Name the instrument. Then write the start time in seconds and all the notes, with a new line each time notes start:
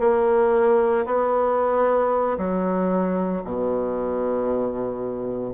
bassoon
0.00 A#3
1.06 B3
2.38 F#3
3.44 B2